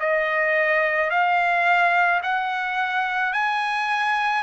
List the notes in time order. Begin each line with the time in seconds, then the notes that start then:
0.00 D#5
1.10 F5
2.23 F#5
3.33 G#5